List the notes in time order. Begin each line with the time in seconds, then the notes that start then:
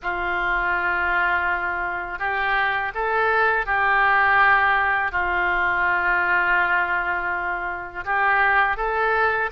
0.02 F4
2.19 G4
2.94 A4
3.66 G4
5.11 F4
8.05 G4
8.76 A4